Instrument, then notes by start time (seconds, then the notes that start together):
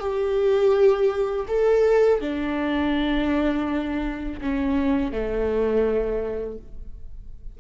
viola
0.00 G4
1.48 A4
2.21 D4
4.41 C#4
5.12 A3